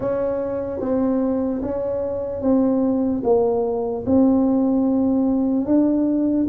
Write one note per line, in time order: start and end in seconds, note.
0.00 0.80 C#4
0.80 1.61 C4
1.61 2.41 C#4
2.41 3.22 C4
3.23 4.04 A#3
4.05 5.65 C4
5.65 6.46 D4